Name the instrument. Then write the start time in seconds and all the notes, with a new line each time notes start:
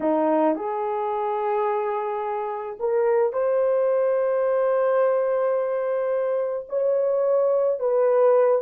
horn
0.00 D#4
0.55 G#4
2.79 A#4
3.33 C5
6.69 C#5
7.79 B4